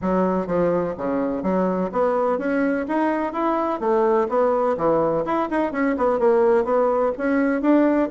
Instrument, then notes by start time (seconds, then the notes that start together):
bassoon
0.01 F#3
0.46 F3
0.97 C#3
1.42 F#3
1.92 B3
2.38 C#4
2.87 D#4
3.32 E4
3.80 A3
4.29 B3
4.77 E3
5.25 E4
5.50 D#4
5.72 C#4
5.97 B3
6.19 A#3
6.64 B3
7.17 C#4
7.61 D4